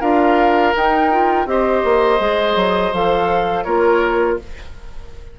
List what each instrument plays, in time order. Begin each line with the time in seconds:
0.00 bassoon D4, clarinet F4, oboe A#4, flute F5
0.75 clarinet D#4, bassoon D#4, flute G5
1.11 clarinet F4
1.46 bassoon C4, clarinet G4, oboe C5, flute D#5
1.84 bassoon A#3
2.19 bassoon G#3, clarinet G#4
2.55 bassoon F#3
2.93 bassoon F3, clarinet A4, flute F5
3.64 bassoon A#3, clarinet F4, oboe A#4, flute C#5